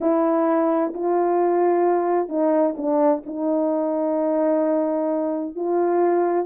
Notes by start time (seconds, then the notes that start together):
0.00 E4
0.94 F4
2.28 D#4
2.76 D4
3.26 D#4
5.55 F4